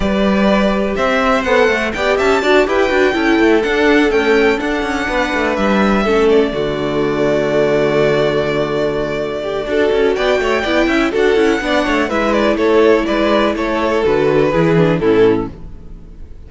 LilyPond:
<<
  \new Staff \with { instrumentName = "violin" } { \time 4/4 \tempo 4 = 124 d''2 e''4 fis''4 | g''8 a''4 g''2 fis''8~ | fis''8 g''4 fis''2 e''8~ | e''4 d''2.~ |
d''1~ | d''4 g''2 fis''4~ | fis''4 e''8 d''8 cis''4 d''4 | cis''4 b'2 a'4 | }
  \new Staff \with { instrumentName = "violin" } { \time 4/4 b'2 c''2 | d''8 e''8 d''8 b'4 a'4.~ | a'2~ a'8 b'4.~ | b'8 a'4 fis'2~ fis'8~ |
fis'2.~ fis'8 g'8 | a'4 d''8 cis''8 d''8 e''8 a'4 | d''8 cis''8 b'4 a'4 b'4 | a'2 gis'4 e'4 | }
  \new Staff \with { instrumentName = "viola" } { \time 4/4 g'2. a'4 | g'4 fis'8 g'8 fis'8 e'4 d'8~ | d'8 a4 d'2~ d'8~ | d'8 cis'4 a2~ a8~ |
a1 | fis'2 e'4 fis'8 e'8 | d'4 e'2.~ | e'4 fis'4 e'8 d'8 cis'4 | }
  \new Staff \with { instrumentName = "cello" } { \time 4/4 g2 c'4 b8 a8 | b8 cis'8 d'8 e'8 d'8 cis'8 a8 d'8~ | d'8 cis'4 d'8 cis'8 b8 a8 g8~ | g8 a4 d2~ d8~ |
d1 | d'8 cis'8 b8 a8 b8 cis'8 d'8 cis'8 | b8 a8 gis4 a4 gis4 | a4 d4 e4 a,4 | }
>>